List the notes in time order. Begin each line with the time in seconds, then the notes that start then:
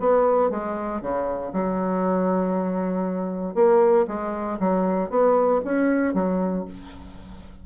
0.00 B3
0.50 G#3
1.02 C#3
1.53 F#3
3.55 A#3
4.08 G#3
4.60 F#3
5.10 B3
5.65 C#4
6.14 F#3